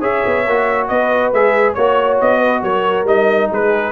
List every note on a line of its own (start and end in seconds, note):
0.00 0.23 C#4
0.00 0.45 G#4
0.00 0.87 C#5
0.00 0.88 E5
0.26 0.47 B3
0.47 0.90 A#3
0.47 1.34 F#4
0.88 1.33 B3
0.88 1.76 B4
0.88 1.32 D#5
1.33 1.76 G#3
1.33 1.78 G#4
1.33 1.74 E5
1.74 2.20 A#3
1.74 3.07 F#4
1.74 2.17 C#5
1.74 2.38 C#5
2.21 2.62 B3
2.21 2.63 D#5
2.38 2.60 B4
2.62 3.04 F#3
2.62 3.50 A#4
2.62 3.06 C#5
3.04 3.48 G3
3.04 3.92 D#4
3.04 3.51 D#5
3.50 3.92 G#3
3.50 3.92 G#4
3.50 3.92 B4